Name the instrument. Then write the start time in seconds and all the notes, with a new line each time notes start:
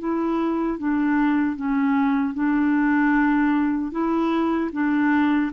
clarinet
0.00 E4
0.79 D4
1.56 C#4
2.35 D4
3.92 E4
4.73 D4